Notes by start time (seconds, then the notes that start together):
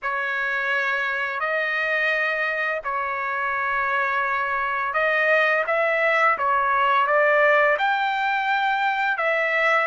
0.02 C#5
1.40 D#5
2.84 C#5
4.93 D#5
5.67 E5
6.38 C#5
7.06 D5
7.78 G5
9.17 E5